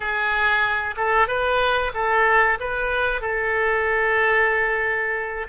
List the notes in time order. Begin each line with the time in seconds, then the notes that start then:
0.00 G#4
0.96 A4
1.27 B4
1.94 A4
2.60 B4
3.21 A4